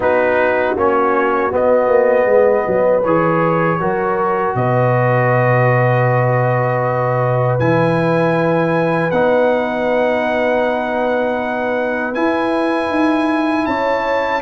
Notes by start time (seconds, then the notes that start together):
0.00 B3 D#4 F#4 B4
0.75 A#3 C#4 C#5
1.50 B3 D#5
1.88 A#3
2.25 G#3 B4
2.66 F#3
3.03 E3 G#4 C#5
3.79 F#3 F#4 A#4
4.55 B2 B4 D#5
7.59 E3 E4 G#5
9.10 B3 D#4 F#5
12.14 E4 G#5
12.90 D#4
13.65 C#4 C#5 A5